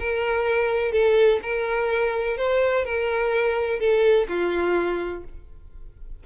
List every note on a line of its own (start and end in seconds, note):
0.00 0.92 A#4
0.92 1.40 A4
1.43 2.38 A#4
2.38 2.85 C5
2.85 3.80 A#4
3.80 4.28 A4
4.29 5.24 F4